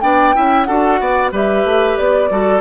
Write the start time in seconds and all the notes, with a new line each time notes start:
0.00 B3 D4 D5 G5
0.34 C#4 E4 E5
0.64 D4 F#4 A4 F#5
1.00 B3 D5
1.31 G3 G4 B4 E5
1.64 A3
1.97 B3 D5
2.30 G3 F#4 A4